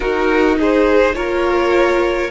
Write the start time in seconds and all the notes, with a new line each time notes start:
0.00 D#4 F#4 A#4
0.59 G#4 C5
1.14 A#3 F4 A#4 C#5